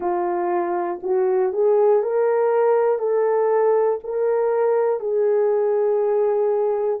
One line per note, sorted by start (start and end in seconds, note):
0.00 1.00 F4
1.02 1.52 F#4
1.52 2.02 G#4
2.02 2.99 A#4
2.99 3.99 A4
4.03 5.00 A#4
5.00 7.00 G#4